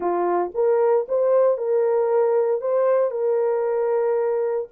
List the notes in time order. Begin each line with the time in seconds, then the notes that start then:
0.00 F4
0.54 A#4
1.08 C5
1.57 A#4
2.61 C5
3.10 A#4